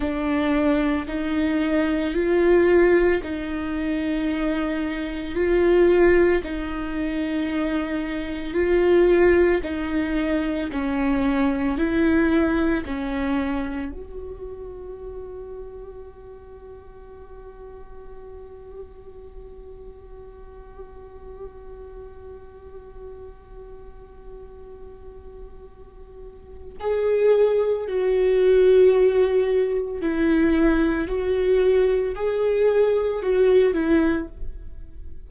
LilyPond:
\new Staff \with { instrumentName = "viola" } { \time 4/4 \tempo 4 = 56 d'4 dis'4 f'4 dis'4~ | dis'4 f'4 dis'2 | f'4 dis'4 cis'4 e'4 | cis'4 fis'2.~ |
fis'1~ | fis'1~ | fis'4 gis'4 fis'2 | e'4 fis'4 gis'4 fis'8 e'8 | }